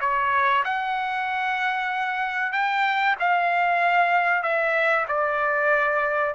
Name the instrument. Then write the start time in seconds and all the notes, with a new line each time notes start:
trumpet
0.00 C#5
0.64 F#5
2.52 G5
3.19 F5
4.43 E5
5.08 D5